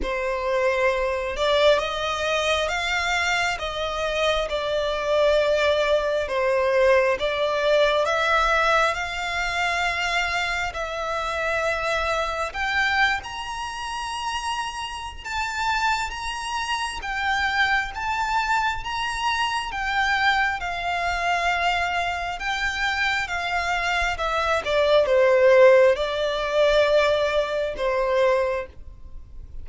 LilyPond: \new Staff \with { instrumentName = "violin" } { \time 4/4 \tempo 4 = 67 c''4. d''8 dis''4 f''4 | dis''4 d''2 c''4 | d''4 e''4 f''2 | e''2 g''8. ais''4~ ais''16~ |
ais''4 a''4 ais''4 g''4 | a''4 ais''4 g''4 f''4~ | f''4 g''4 f''4 e''8 d''8 | c''4 d''2 c''4 | }